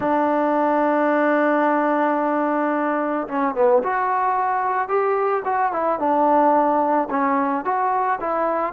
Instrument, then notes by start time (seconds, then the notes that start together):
trombone
0.00 D4
3.28 C#4
3.55 B3
3.83 F#4
4.88 G4
5.44 F#4
5.72 E4
5.99 D4
7.10 C#4
7.64 F#4
8.20 E4